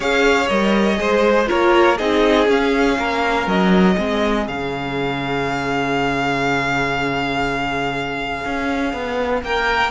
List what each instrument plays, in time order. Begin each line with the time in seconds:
0.00 cello C#4, viola G#4, violin C#5 F5
0.48 cello G3, viola A#4, violin D#5
0.95 cello G#3, viola G#4, violin C5
1.46 cello A#3, viola F4, violin A#4 C#5
1.97 cello C4, viola D#4, violin G#4 D#5
2.47 viola C#4, cello C#4, violin F5
2.98 cello A#3, violin A#4
3.46 cello F#3, violin D#5
3.94 cello G#3, viola C4, violin G#4
4.46 cello C#3, viola C#4, violin F5
8.45 cello C#4
8.93 cello B3
9.42 cello A#3, violin A#4 G5